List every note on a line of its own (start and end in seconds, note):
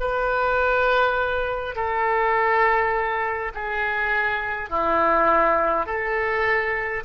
0.00 1.75 B4
1.75 3.52 A4
3.54 4.69 G#4
4.69 5.86 E4
5.86 7.03 A4